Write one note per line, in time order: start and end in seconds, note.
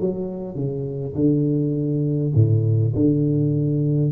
0.00 0.55 F#3
0.55 1.14 C#3
1.15 2.32 D3
2.34 2.93 A2
2.95 4.11 D3